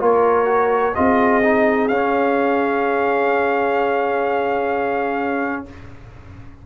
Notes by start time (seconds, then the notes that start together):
0.00 A#3 F4 A#4 C#5
0.46 F#4
0.95 C4 F4 G#4 D#5
1.44 D#4
1.88 C#4 F5